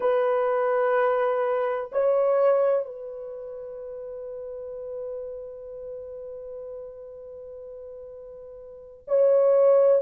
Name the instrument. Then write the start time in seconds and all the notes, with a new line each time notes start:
horn
0.00 B4
1.91 C#5
2.85 B4
9.07 C#5